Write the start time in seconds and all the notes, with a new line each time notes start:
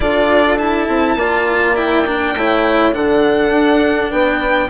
0.00 D4 F4 A4 D5
0.58 E4 A5
0.88 C4
1.15 A#3 F4 D5
1.75 E4 G5
2.06 D4
2.34 A3 E4 C#5
2.92 D3 D4 A4 F#5
3.50 D4
4.11 B3 B4 G5